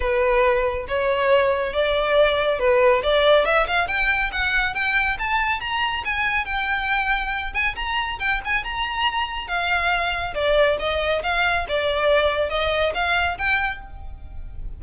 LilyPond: \new Staff \with { instrumentName = "violin" } { \time 4/4 \tempo 4 = 139 b'2 cis''2 | d''2 b'4 d''4 | e''8 f''8 g''4 fis''4 g''4 | a''4 ais''4 gis''4 g''4~ |
g''4. gis''8 ais''4 g''8 gis''8 | ais''2 f''2 | d''4 dis''4 f''4 d''4~ | d''4 dis''4 f''4 g''4 | }